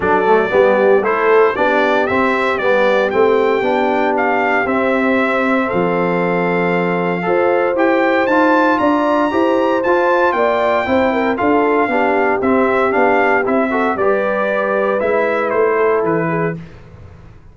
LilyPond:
<<
  \new Staff \with { instrumentName = "trumpet" } { \time 4/4 \tempo 4 = 116 d''2 c''4 d''4 | e''4 d''4 g''2 | f''4 e''2 f''4~ | f''2. g''4 |
a''4 ais''2 a''4 | g''2 f''2 | e''4 f''4 e''4 d''4~ | d''4 e''4 c''4 b'4 | }
  \new Staff \with { instrumentName = "horn" } { \time 4/4 a'4 g'4 a'4 g'4~ | g'1~ | g'2. a'4~ | a'2 c''2~ |
c''4 d''4 c''2 | d''4 c''8 ais'8 a'4 g'4~ | g'2~ g'8 a'8 b'4~ | b'2~ b'8 a'4 gis'8 | }
  \new Staff \with { instrumentName = "trombone" } { \time 4/4 d'8 a8 b4 e'4 d'4 | c'4 b4 c'4 d'4~ | d'4 c'2.~ | c'2 a'4 g'4 |
f'2 g'4 f'4~ | f'4 e'4 f'4 d'4 | c'4 d'4 e'8 fis'8 g'4~ | g'4 e'2. | }
  \new Staff \with { instrumentName = "tuba" } { \time 4/4 fis4 g4 a4 b4 | c'4 g4 a4 b4~ | b4 c'2 f4~ | f2 f'4 e'4 |
dis'4 d'4 e'4 f'4 | ais4 c'4 d'4 b4 | c'4 b4 c'4 g4~ | g4 gis4 a4 e4 | }
>>